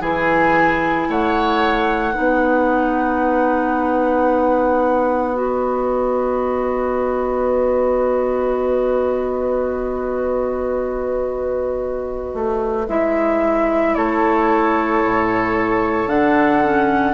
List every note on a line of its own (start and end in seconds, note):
0.00 1.07 E3
0.00 2.12 E4
0.00 1.07 G#4
0.00 1.10 G#5
1.08 2.15 A3
1.08 2.14 C#5
1.08 5.37 F#5
2.12 12.34 B3
2.12 5.33 D#4
2.12 13.92 B4
5.33 12.83 F#4
5.33 12.87 D#5
12.34 12.87 A3
12.87 13.95 G#3
12.87 16.08 E4
12.87 13.94 E5
13.94 15.03 A3
13.94 17.13 A4
13.94 16.08 C#5
15.04 16.07 A2
16.07 17.13 D3
16.07 16.62 D4
16.07 17.13 F#5
16.63 17.13 C#4